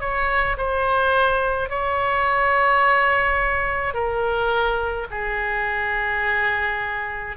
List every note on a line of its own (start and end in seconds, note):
0.00 0.57 C#5
0.57 1.69 C5
1.69 3.94 C#5
3.94 5.07 A#4
5.10 7.36 G#4